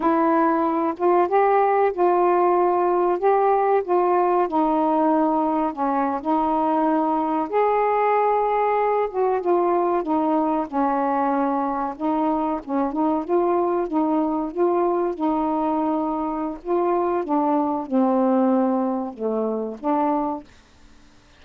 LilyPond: \new Staff \with { instrumentName = "saxophone" } { \time 4/4 \tempo 4 = 94 e'4. f'8 g'4 f'4~ | f'4 g'4 f'4 dis'4~ | dis'4 cis'8. dis'2 gis'16~ | gis'2~ gis'16 fis'8 f'4 dis'16~ |
dis'8. cis'2 dis'4 cis'16~ | cis'16 dis'8 f'4 dis'4 f'4 dis'16~ | dis'2 f'4 d'4 | c'2 a4 d'4 | }